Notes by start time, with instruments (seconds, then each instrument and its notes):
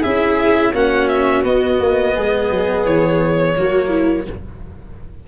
0.00 tuba C#4, cello E4, viola G#4, violin E5
0.73 tuba A#3, cello C#4, viola F#4, violin F#5
1.08 violin E5
1.43 cello B3, tuba B3, violin D#5
1.79 tuba A#3
2.15 tuba G#3, viola G#4
2.50 tuba F#3
2.85 tuba E3, violin C#5
3.56 tuba F#3, cello A#3, viola F#4
3.89 viola E4